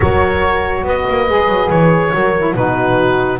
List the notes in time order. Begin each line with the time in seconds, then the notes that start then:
0.00 F#3 F#4 A#4 C#5
0.83 B3 B4 D#5
1.09 A#3
1.28 G#3 G#4
1.48 F#3
1.69 E3 C#5
2.12 F#3 F#4 A#4
2.37 E4
2.54 B2 D#4 F#4 B4